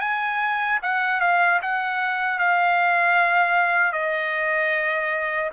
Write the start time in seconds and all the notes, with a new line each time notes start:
0.00 G#5
0.82 F#5
1.20 F5
1.62 F#5
2.39 F5
3.93 D#5